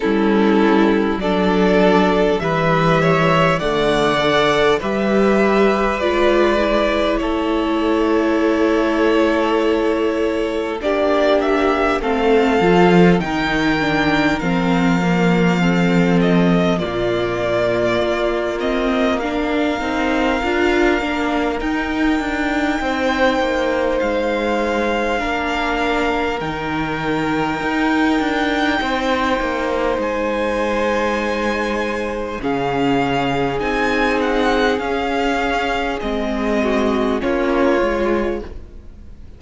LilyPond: <<
  \new Staff \with { instrumentName = "violin" } { \time 4/4 \tempo 4 = 50 a'4 d''4 e''4 fis''4 | e''4 d''4 cis''2~ | cis''4 d''8 e''8 f''4 g''4 | f''4. dis''8 d''4. dis''8 |
f''2 g''2 | f''2 g''2~ | g''4 gis''2 f''4 | gis''8 fis''8 f''4 dis''4 cis''4 | }
  \new Staff \with { instrumentName = "violin" } { \time 4/4 e'4 a'4 b'8 cis''8 d''4 | b'2 a'2~ | a'4 g'4 a'4 ais'4~ | ais'4 a'4 f'2 |
ais'2. c''4~ | c''4 ais'2. | c''2. gis'4~ | gis'2~ gis'8 fis'8 f'4 | }
  \new Staff \with { instrumentName = "viola" } { \time 4/4 cis'4 d'4 g4 a8 a'8 | g'4 f'8 e'2~ e'8~ | e'4 d'4 c'8 f'8 dis'8 d'8 | c'8 ais8 c'4 ais4. c'8 |
d'8 dis'8 f'8 d'8 dis'2~ | dis'4 d'4 dis'2~ | dis'2. cis'4 | dis'4 cis'4 c'4 cis'8 f'8 | }
  \new Staff \with { instrumentName = "cello" } { \time 4/4 g4 fis4 e4 d4 | g4 gis4 a2~ | a4 ais4 a8 f8 dis4 | f2 ais,4 ais4~ |
ais8 c'8 d'8 ais8 dis'8 d'8 c'8 ais8 | gis4 ais4 dis4 dis'8 d'8 | c'8 ais8 gis2 cis4 | c'4 cis'4 gis4 ais8 gis8 | }
>>